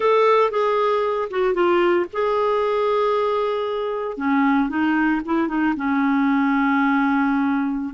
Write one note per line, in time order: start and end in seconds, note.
0.00 0.50 A4
0.50 1.29 G#4
1.30 1.53 F#4
1.53 2.06 F4
2.12 4.17 G#4
4.17 4.69 C#4
4.69 5.21 D#4
5.25 5.48 E4
5.48 5.74 D#4
5.76 7.94 C#4